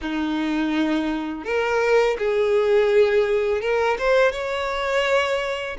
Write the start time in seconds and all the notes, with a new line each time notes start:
0.01 D#4
1.44 A#4
2.18 G#4
3.61 A#4
3.98 C5
4.32 C#5